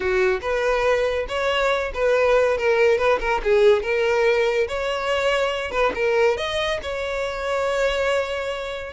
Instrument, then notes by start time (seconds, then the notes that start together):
violin
0.00 F#4
0.41 B4
1.28 C#5
1.93 B4
2.57 A#4
2.97 B4
3.20 A#4
3.43 G#4
3.82 A#4
4.68 C#5
5.71 B4
5.95 A#4
6.37 D#5
6.82 C#5